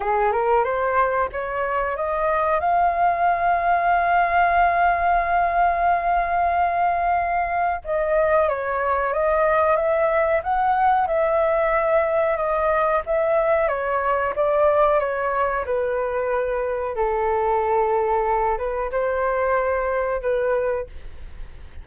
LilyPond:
\new Staff \with { instrumentName = "flute" } { \time 4/4 \tempo 4 = 92 gis'8 ais'8 c''4 cis''4 dis''4 | f''1~ | f''1 | dis''4 cis''4 dis''4 e''4 |
fis''4 e''2 dis''4 | e''4 cis''4 d''4 cis''4 | b'2 a'2~ | a'8 b'8 c''2 b'4 | }